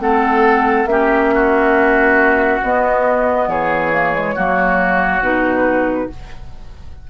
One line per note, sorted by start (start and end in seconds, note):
0.00 0.86 A3
0.00 0.87 C4
0.00 0.89 A4
0.00 0.87 F#5
0.86 2.59 A#3
0.86 2.62 C#4
0.86 1.34 G4
0.86 2.61 E5
1.35 3.50 F#4
2.63 3.48 B3
2.63 3.92 B3
2.63 3.49 D#5
3.48 4.35 E3
3.48 4.35 G#4
3.48 5.23 C#5
3.92 4.14 A#3
4.14 4.36 G#3
4.35 5.20 F#3
4.35 5.23 A#3
4.35 6.09 F#4
5.20 6.07 B2
5.20 6.10 D#4
5.20 6.10 B4